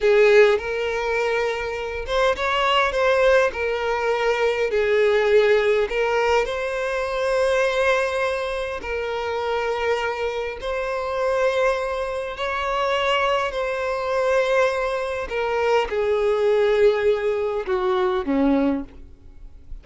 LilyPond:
\new Staff \with { instrumentName = "violin" } { \time 4/4 \tempo 4 = 102 gis'4 ais'2~ ais'8 c''8 | cis''4 c''4 ais'2 | gis'2 ais'4 c''4~ | c''2. ais'4~ |
ais'2 c''2~ | c''4 cis''2 c''4~ | c''2 ais'4 gis'4~ | gis'2 fis'4 cis'4 | }